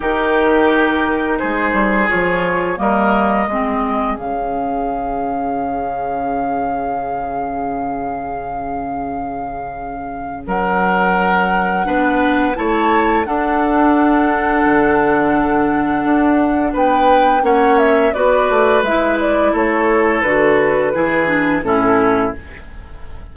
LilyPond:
<<
  \new Staff \with { instrumentName = "flute" } { \time 4/4 \tempo 4 = 86 ais'2 c''4 cis''4 | dis''2 f''2~ | f''1~ | f''2. fis''4~ |
fis''2 a''4 fis''4~ | fis''1 | g''4 fis''8 e''8 d''4 e''8 d''8 | cis''4 b'2 a'4 | }
  \new Staff \with { instrumentName = "oboe" } { \time 4/4 g'2 gis'2 | ais'4 gis'2.~ | gis'1~ | gis'2. ais'4~ |
ais'4 b'4 cis''4 a'4~ | a'1 | b'4 cis''4 b'2 | a'2 gis'4 e'4 | }
  \new Staff \with { instrumentName = "clarinet" } { \time 4/4 dis'2. f'4 | ais4 c'4 cis'2~ | cis'1~ | cis'1~ |
cis'4 d'4 e'4 d'4~ | d'1~ | d'4 cis'4 fis'4 e'4~ | e'4 fis'4 e'8 d'8 cis'4 | }
  \new Staff \with { instrumentName = "bassoon" } { \time 4/4 dis2 gis8 g8 f4 | g4 gis4 cis2~ | cis1~ | cis2. fis4~ |
fis4 b4 a4 d'4~ | d'4 d2 d'4 | b4 ais4 b8 a8 gis4 | a4 d4 e4 a,4 | }
>>